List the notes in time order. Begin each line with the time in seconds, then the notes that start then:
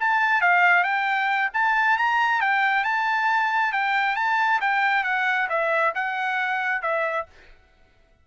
0.00 A5
0.42 F5
0.84 G5
1.54 A5
1.98 A#5
2.41 G5
2.84 A5
3.73 G5
4.16 A5
4.61 G5
5.04 F#5
5.49 E5
5.95 F#5
6.82 E5